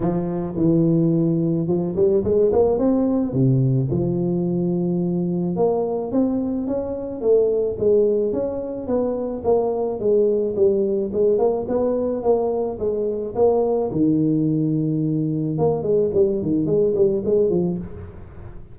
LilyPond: \new Staff \with { instrumentName = "tuba" } { \time 4/4 \tempo 4 = 108 f4 e2 f8 g8 | gis8 ais8 c'4 c4 f4~ | f2 ais4 c'4 | cis'4 a4 gis4 cis'4 |
b4 ais4 gis4 g4 | gis8 ais8 b4 ais4 gis4 | ais4 dis2. | ais8 gis8 g8 dis8 gis8 g8 gis8 f8 | }